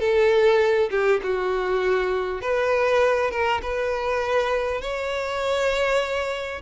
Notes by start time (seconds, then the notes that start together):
0.00 A4
0.91 G4
1.23 F#4
2.42 B4
3.31 A#4
3.62 B4
4.82 C#5